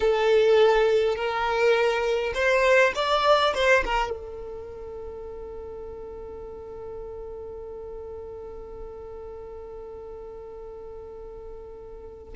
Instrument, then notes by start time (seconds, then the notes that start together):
violin
0.00 A4
1.15 A#4
2.34 C5
2.95 D5
3.54 C5
3.84 A#4
4.10 A4